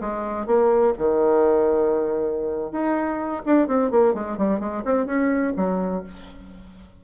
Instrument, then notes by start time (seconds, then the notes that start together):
bassoon
0.00 G#3
0.46 A#3
0.98 D#3
2.71 D#4
3.46 D4
3.67 C4
3.91 A#3
4.14 G#3
4.37 G3
4.59 G#3
4.85 C4
5.06 C#4
5.56 F#3